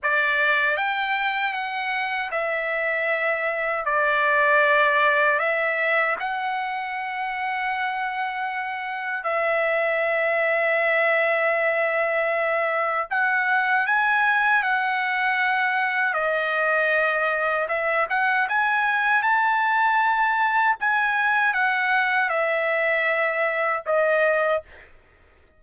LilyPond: \new Staff \with { instrumentName = "trumpet" } { \time 4/4 \tempo 4 = 78 d''4 g''4 fis''4 e''4~ | e''4 d''2 e''4 | fis''1 | e''1~ |
e''4 fis''4 gis''4 fis''4~ | fis''4 dis''2 e''8 fis''8 | gis''4 a''2 gis''4 | fis''4 e''2 dis''4 | }